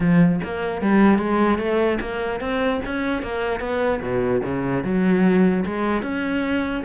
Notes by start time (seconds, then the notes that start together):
0.00 F3
0.44 A#3
0.81 G3
1.18 G#3
1.58 A3
2.00 A#3
2.40 C4
2.85 C#4
3.22 A#3
3.59 B3
4.01 B2
4.43 C#3
4.84 F#3
5.65 G#3
6.02 C#4